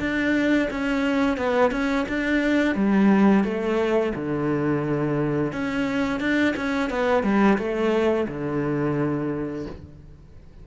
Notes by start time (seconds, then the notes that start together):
0.00 D4
0.71 C#4
1.38 B3
1.71 C#4
2.09 D4
2.75 G3
3.44 A3
4.15 D3
5.53 C#4
6.20 D4
6.57 C#4
6.90 B3
7.24 G3
7.58 A3
8.28 D3